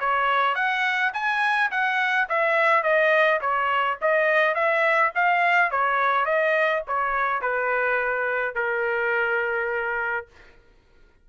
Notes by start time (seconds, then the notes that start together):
0.00 C#5
0.55 F#5
1.14 G#5
1.71 F#5
2.30 E5
2.83 D#5
3.41 C#5
4.02 D#5
4.55 E5
5.15 F5
5.71 C#5
6.26 D#5
6.88 C#5
7.42 B4
8.55 A#4